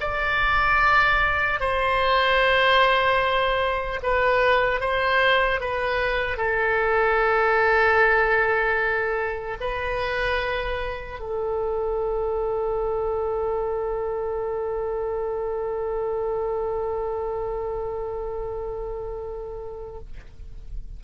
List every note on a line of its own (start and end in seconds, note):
0.00 1.60 D5
1.60 4.00 C5
4.03 4.80 B4
4.80 5.60 C5
5.60 6.37 B4
6.37 9.57 A4
9.60 11.19 B4
11.19 19.99 A4